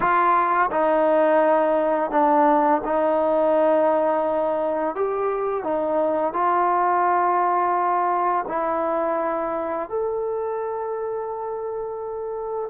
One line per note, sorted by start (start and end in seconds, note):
0.00 0.70 F4
0.71 2.10 D#4
2.10 2.81 D4
2.84 4.95 D#4
4.95 5.63 G4
5.63 6.33 D#4
6.33 8.45 F4
8.48 9.89 E4
9.89 12.70 A4